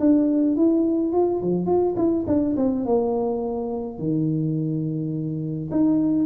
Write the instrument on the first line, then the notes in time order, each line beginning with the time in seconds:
tuba
0.00 D4
0.57 E4
1.13 F4
1.42 F3
1.66 F4
1.97 E4
2.27 D4
2.57 C4
2.85 A#3
3.99 D#3
5.71 D#4